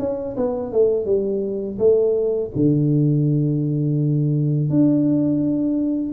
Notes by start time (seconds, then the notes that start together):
0.00 C#4
0.37 B3
0.73 A3
1.06 G3
1.79 A3
2.56 D3
4.70 D4